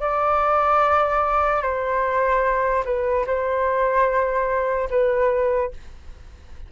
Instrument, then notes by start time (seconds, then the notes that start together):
flute
0.00 D5
1.62 C5
2.85 B4
3.26 C5
4.90 B4